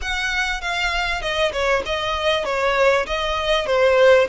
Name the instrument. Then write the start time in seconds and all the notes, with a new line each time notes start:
violin
0.01 F#5
0.61 F5
1.21 D#5
1.52 C#5
1.85 D#5
2.44 C#5
3.06 D#5
3.66 C5